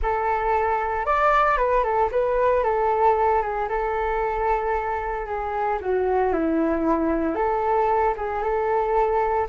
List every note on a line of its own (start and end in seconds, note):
0.02 1.05 A4
1.05 1.57 D5
1.57 1.83 B4
1.83 2.09 A4
2.11 2.63 B4
2.63 3.42 A4
3.42 3.68 G#4
3.68 5.26 A4
5.26 5.78 G#4
5.81 6.33 F#4
6.33 7.35 E4
7.35 8.14 A4
8.16 8.42 G#4
8.42 9.47 A4